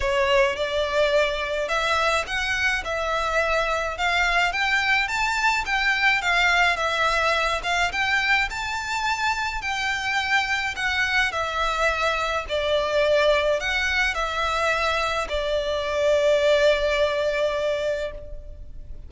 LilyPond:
\new Staff \with { instrumentName = "violin" } { \time 4/4 \tempo 4 = 106 cis''4 d''2 e''4 | fis''4 e''2 f''4 | g''4 a''4 g''4 f''4 | e''4. f''8 g''4 a''4~ |
a''4 g''2 fis''4 | e''2 d''2 | fis''4 e''2 d''4~ | d''1 | }